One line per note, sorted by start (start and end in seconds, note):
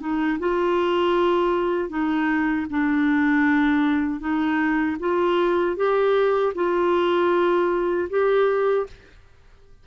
0.00 0.38 D#4
0.39 1.90 F4
1.90 2.66 D#4
2.70 4.20 D4
4.20 4.97 D#4
5.00 5.76 F4
5.76 6.53 G4
6.55 8.09 F4
8.09 8.86 G4